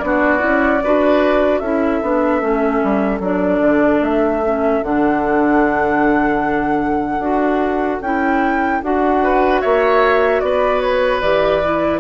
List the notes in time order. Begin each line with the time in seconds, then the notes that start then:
0.00 B3 D4 D5
0.06 F#4
0.39 C#4 E4
0.84 D4 F#4 B4
1.59 C#4 E4 A4 E5
2.03 B3 D4
2.41 A3 C#4
2.83 G3
3.20 F#3 D4 D5
3.61 D3
4.00 A3 E5
4.45 C#4
4.83 D3 D4 F#5
7.19 D4 F#4
8.01 C#4 E4 G5
8.83 D4 F#4 F#5
9.24 B4
9.61 A#3 C#5 E5
10.41 B3 B4 D5
10.81 C#5
11.21 E3 G4 D5
11.64 E4